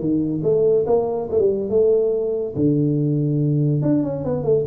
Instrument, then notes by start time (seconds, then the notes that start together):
tuba
0.00 D#3
0.44 A3
0.87 A#3
1.31 A3
1.40 G3
1.70 A3
2.56 D3
3.82 D4
4.04 C#4
4.25 B3
4.44 A3